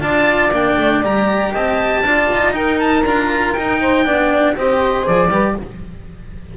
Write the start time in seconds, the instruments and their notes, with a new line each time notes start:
0.00 double bass D4, cello F4, saxophone D5, oboe A5
0.51 double bass A#3, cello D4, oboe G5
0.77 double bass A3
1.02 double bass G3, cello G4, oboe A#5
1.52 double bass C4, saxophone D#5, oboe A5
2.02 double bass D4, cello F4, saxophone D5
2.32 double bass D#4
2.52 cello D#4, saxophone A#4, oboe G5
2.79 oboe A5
3.04 double bass D4, cello F4, oboe A#5
3.53 double bass D#4, cello D#4, oboe G5
3.80 saxophone C5
4.04 double bass B3, cello D4, saxophone D5
4.55 double bass C4, cello G4, saxophone C5, oboe D#5
5.02 double bass F3, cello G#4, oboe D5
5.28 double bass G3, cello G4, saxophone B4